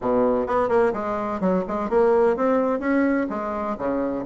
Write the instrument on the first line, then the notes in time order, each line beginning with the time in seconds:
bassoon
0.01 B2
0.46 B3
0.69 A#3
0.93 G#3
1.40 F#3
1.67 G#3
1.89 A#3
2.36 C4
2.79 C#4
3.29 G#3
3.78 C#3